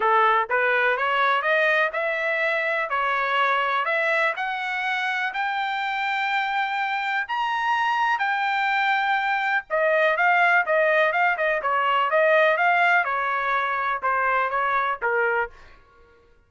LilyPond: \new Staff \with { instrumentName = "trumpet" } { \time 4/4 \tempo 4 = 124 a'4 b'4 cis''4 dis''4 | e''2 cis''2 | e''4 fis''2 g''4~ | g''2. ais''4~ |
ais''4 g''2. | dis''4 f''4 dis''4 f''8 dis''8 | cis''4 dis''4 f''4 cis''4~ | cis''4 c''4 cis''4 ais'4 | }